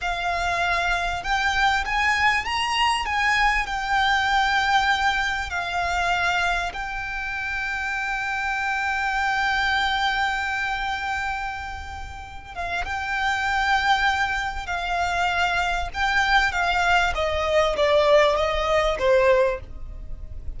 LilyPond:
\new Staff \with { instrumentName = "violin" } { \time 4/4 \tempo 4 = 98 f''2 g''4 gis''4 | ais''4 gis''4 g''2~ | g''4 f''2 g''4~ | g''1~ |
g''1~ | g''8 f''8 g''2. | f''2 g''4 f''4 | dis''4 d''4 dis''4 c''4 | }